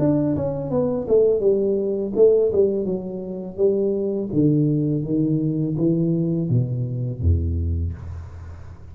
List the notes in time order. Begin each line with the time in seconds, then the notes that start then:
0.00 D4
0.36 C#4
0.71 B3
1.08 A3
1.41 G3
2.16 A3
2.53 G3
2.86 F#3
3.58 G3
4.33 D3
5.04 D#3
5.78 E3
6.50 B2
7.22 E2